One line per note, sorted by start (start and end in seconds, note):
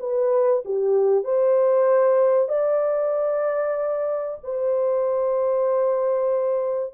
0.00 0.63 B4
0.65 1.24 G4
1.24 2.49 C5
2.49 4.38 D5
4.44 6.94 C5